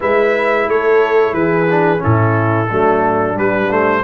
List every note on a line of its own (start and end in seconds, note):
0.00 0.67 G#3
0.00 1.66 E4
0.00 0.68 B4
0.00 0.69 E5
0.67 1.33 A3
0.67 1.34 A4
0.67 1.34 C#5
1.33 2.00 E3
1.33 2.02 G#4
1.33 2.01 B4
1.70 1.98 D4
1.98 2.66 C#4
1.98 2.68 E4
1.98 3.38 A4
2.04 2.71 A2
2.68 3.37 F#3
2.68 3.34 A3
2.68 4.03 D4
3.34 3.67 G3
3.34 4.03 G3
3.34 3.71 B4
3.70 4.03 A3
3.70 4.03 C5